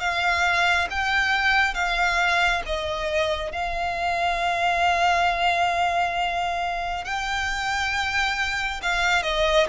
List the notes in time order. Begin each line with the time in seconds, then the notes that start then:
0.00 F5
0.91 G5
1.74 F5
2.66 D#5
3.52 F5
7.05 G5
8.83 F5
9.23 D#5